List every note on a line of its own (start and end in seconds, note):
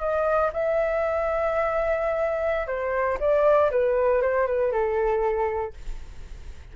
0.00 0.51 D#5
0.53 2.67 E5
2.67 3.18 C5
3.20 3.70 D5
3.71 4.22 B4
4.22 4.47 C5
4.47 4.72 B4
4.72 5.74 A4